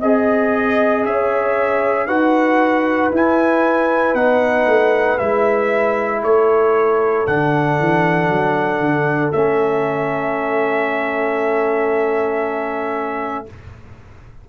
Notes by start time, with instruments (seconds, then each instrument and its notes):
0.00 tuba C4, trombone G#4, horn D#5, trumpet D#5
1.05 tuba C#4, horn C#5, trumpet E5
2.07 tuba D#4, trombone F#4, horn B4, trumpet F#5
3.12 tuba E4, trombone E4, trumpet G#5
4.14 tuba B3, trombone D#4, trumpet F#5
4.67 tuba A3
5.18 tuba G#3, trombone E4, trumpet E5
6.22 tuba A3, horn A4, trumpet C#5
7.27 tuba D3, trombone D4, trumpet F#5
7.79 tuba E3
8.29 tuba F#3
8.80 tuba D3
9.32 tuba A3, trombone C#4, trumpet E5